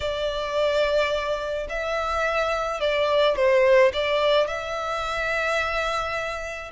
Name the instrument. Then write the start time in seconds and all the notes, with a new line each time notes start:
violin
0.00 D5
1.69 E5
2.80 D5
3.35 C5
3.93 D5
4.47 E5